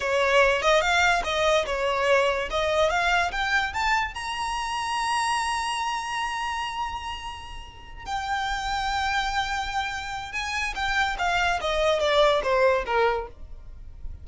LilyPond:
\new Staff \with { instrumentName = "violin" } { \time 4/4 \tempo 4 = 145 cis''4. dis''8 f''4 dis''4 | cis''2 dis''4 f''4 | g''4 a''4 ais''2~ | ais''1~ |
ais''2.~ ais''8 g''8~ | g''1~ | g''4 gis''4 g''4 f''4 | dis''4 d''4 c''4 ais'4 | }